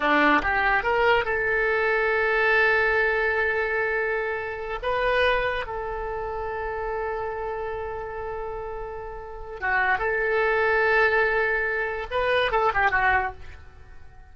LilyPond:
\new Staff \with { instrumentName = "oboe" } { \time 4/4 \tempo 4 = 144 d'4 g'4 ais'4 a'4~ | a'1~ | a'2.~ a'8 b'8~ | b'4. a'2~ a'8~ |
a'1~ | a'2. fis'4 | a'1~ | a'4 b'4 a'8 g'8 fis'4 | }